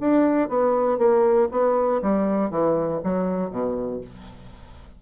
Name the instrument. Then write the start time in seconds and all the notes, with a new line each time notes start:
bassoon
0.00 D4
0.49 B3
0.98 A#3
1.51 B3
2.02 G3
2.50 E3
3.04 F#3
3.50 B2